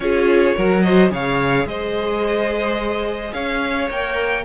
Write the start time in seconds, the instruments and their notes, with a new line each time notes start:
0.00 cello C#4, viola F4, violin G#4 C#5
0.56 cello F#3, viola F#4, violin A#4
0.81 violin C5 D#5
1.09 cello C#3, viola G#4, violin C#5 F5
1.65 cello G#3, violin C5 D#5
3.33 cello C#4, violin C#5 F5
3.89 cello A#3, viola A#4, violin G5